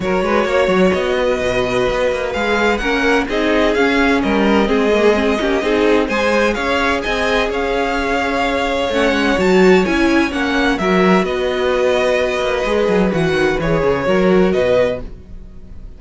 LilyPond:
<<
  \new Staff \with { instrumentName = "violin" } { \time 4/4 \tempo 4 = 128 cis''2 dis''2~ | dis''4 f''4 fis''4 dis''4 | f''4 dis''2.~ | dis''4 gis''4 f''4 gis''4 |
f''2. fis''4 | a''4 gis''4 fis''4 e''4 | dis''1 | fis''4 cis''2 dis''4 | }
  \new Staff \with { instrumentName = "violin" } { \time 4/4 ais'8 b'8 cis''4. b'4.~ | b'2 ais'4 gis'4~ | gis'4 ais'4 gis'4. g'8 | gis'4 c''4 cis''4 dis''4 |
cis''1~ | cis''2. ais'4 | b'1~ | b'2 ais'4 b'4 | }
  \new Staff \with { instrumentName = "viola" } { \time 4/4 fis'1~ | fis'4 gis'4 cis'4 dis'4 | cis'2 c'8 ais8 c'8 cis'8 | dis'4 gis'2.~ |
gis'2. cis'4 | fis'4 e'4 cis'4 fis'4~ | fis'2. gis'4 | fis'4 gis'4 fis'2 | }
  \new Staff \with { instrumentName = "cello" } { \time 4/4 fis8 gis8 ais8 fis8 b4 b,4 | b8 ais8 gis4 ais4 c'4 | cis'4 g4 gis4. ais8 | c'4 gis4 cis'4 c'4 |
cis'2. a8 gis8 | fis4 cis'4 ais4 fis4 | b2~ b8 ais8 gis8 fis8 | e8 dis8 e8 cis8 fis4 b,4 | }
>>